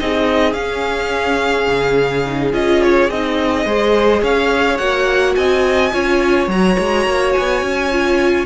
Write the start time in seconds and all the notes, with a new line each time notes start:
0.00 C4 D#4 G#4 D#5
0.53 C#4 F5
1.68 C#3
2.26 D#4
2.52 C#4 F4 D#5
2.82 C#5
3.09 C4 D#4 D#5
3.65 G#3 G#4 C5
4.22 C#4 C#5 F5
4.78 A#3 F#4 F#5
5.35 C4 D#5 G#5
5.92 C#4 F4 C#5
6.48 F#3 F#4 A#5
6.79 G#3
7.06 A#3
7.32 G#5
7.38 B3
7.62 C#4
7.91 F4